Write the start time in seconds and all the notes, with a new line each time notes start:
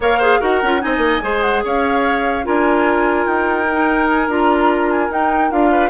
0.00 A#3 A#4 C#5 F5
0.18 G#4 C5
0.40 D#4 F#4 A#4 F#5
0.62 C#4 F4
0.80 C4 D#4 D#5 G#5
0.97 A#3
1.21 G#3 G#4 C5
1.42 F#5
1.64 C#4 C#5 F5
2.43 D4 F4 A#4 G#5
3.26 D#4 G5
3.71 D#4
4.08 G#5
4.28 D4 F4 A#5
4.90 G#5
5.09 D#4 G5
5.50 D4 F4 F5
5.71 B4